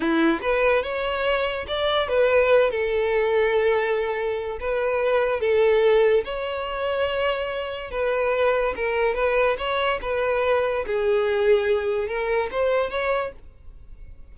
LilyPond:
\new Staff \with { instrumentName = "violin" } { \time 4/4 \tempo 4 = 144 e'4 b'4 cis''2 | d''4 b'4. a'4.~ | a'2. b'4~ | b'4 a'2 cis''4~ |
cis''2. b'4~ | b'4 ais'4 b'4 cis''4 | b'2 gis'2~ | gis'4 ais'4 c''4 cis''4 | }